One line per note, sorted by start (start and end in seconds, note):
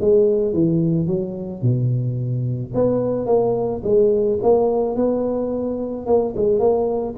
0.00 0.53 G#3
0.53 1.06 E3
1.06 1.62 F#3
1.62 2.73 B2
2.74 3.26 B3
3.26 3.81 A#3
3.83 4.39 G#3
4.42 4.95 A#3
4.95 6.06 B3
6.06 6.34 A#3
6.36 6.59 G#3
6.59 7.15 A#3